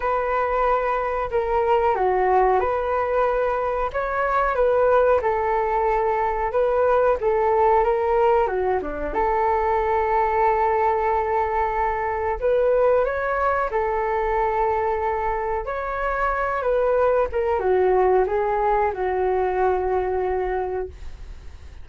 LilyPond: \new Staff \with { instrumentName = "flute" } { \time 4/4 \tempo 4 = 92 b'2 ais'4 fis'4 | b'2 cis''4 b'4 | a'2 b'4 a'4 | ais'4 fis'8 d'8 a'2~ |
a'2. b'4 | cis''4 a'2. | cis''4. b'4 ais'8 fis'4 | gis'4 fis'2. | }